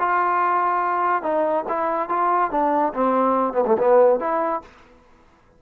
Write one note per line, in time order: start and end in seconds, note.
0.00 1.23 F4
1.23 1.65 D#4
1.69 2.09 E4
2.09 2.51 F4
2.52 2.94 D4
2.94 3.54 C4
3.54 3.65 B3
3.67 3.77 A3
3.79 4.20 B3
4.20 4.62 E4